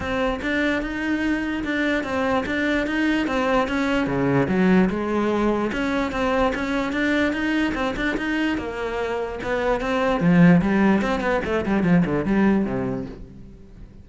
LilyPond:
\new Staff \with { instrumentName = "cello" } { \time 4/4 \tempo 4 = 147 c'4 d'4 dis'2 | d'4 c'4 d'4 dis'4 | c'4 cis'4 cis4 fis4 | gis2 cis'4 c'4 |
cis'4 d'4 dis'4 c'8 d'8 | dis'4 ais2 b4 | c'4 f4 g4 c'8 b8 | a8 g8 f8 d8 g4 c4 | }